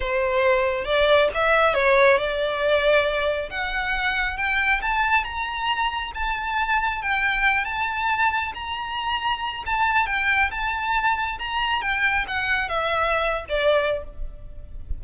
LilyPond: \new Staff \with { instrumentName = "violin" } { \time 4/4 \tempo 4 = 137 c''2 d''4 e''4 | cis''4 d''2. | fis''2 g''4 a''4 | ais''2 a''2 |
g''4. a''2 ais''8~ | ais''2 a''4 g''4 | a''2 ais''4 g''4 | fis''4 e''4.~ e''16 d''4~ d''16 | }